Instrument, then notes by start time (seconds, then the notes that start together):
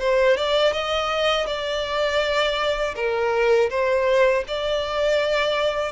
violin
0.00 C5
0.37 D5
0.73 D#5
1.47 D5
2.96 A#4
3.70 C5
4.48 D5